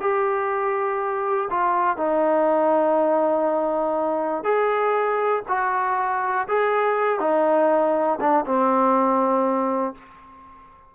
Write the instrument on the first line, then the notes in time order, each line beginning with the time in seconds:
trombone
0.00 G4
1.50 F4
1.97 D#4
4.44 G#4
5.48 F#4
6.48 G#4
7.19 D#4
8.20 D4
8.46 C4